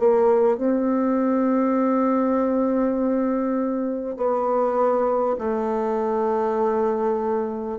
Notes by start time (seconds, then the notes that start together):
0.00 A#3
0.58 C4
4.17 B3
5.38 A3